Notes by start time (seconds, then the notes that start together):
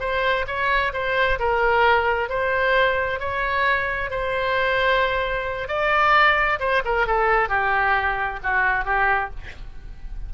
0.00 C5
0.47 C#5
0.93 C5
1.39 A#4
2.29 C5
3.20 C#5
4.11 C5
5.68 D5
6.60 C5
6.85 A#4
7.07 A4
7.49 G4
8.43 F#4
8.85 G4